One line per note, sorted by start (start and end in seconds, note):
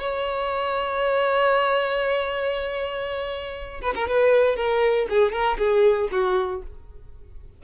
0.00 3.81 C#5
3.82 3.94 B4
3.95 4.08 A#4
4.08 4.56 B4
4.56 5.07 A#4
5.10 5.32 G#4
5.32 5.58 A#4
5.58 6.09 G#4
6.12 6.62 F#4